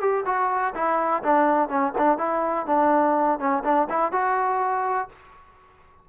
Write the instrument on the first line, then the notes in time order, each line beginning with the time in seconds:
trombone
0.00 G4
0.26 F#4
0.74 E4
1.23 D4
1.68 C#4
1.98 D4
2.18 E4
2.66 D4
3.39 C#4
3.64 D4
3.89 E4
4.12 F#4